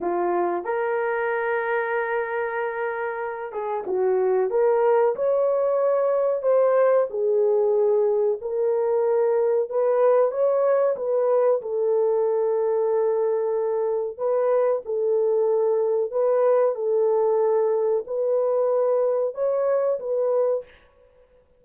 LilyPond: \new Staff \with { instrumentName = "horn" } { \time 4/4 \tempo 4 = 93 f'4 ais'2.~ | ais'4. gis'8 fis'4 ais'4 | cis''2 c''4 gis'4~ | gis'4 ais'2 b'4 |
cis''4 b'4 a'2~ | a'2 b'4 a'4~ | a'4 b'4 a'2 | b'2 cis''4 b'4 | }